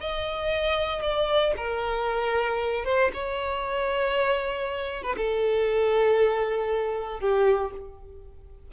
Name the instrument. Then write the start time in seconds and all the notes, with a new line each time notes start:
violin
0.00 D#5
1.02 D5
1.57 A#4
2.85 C5
3.13 C#5
5.02 B4
5.16 A4
7.20 G4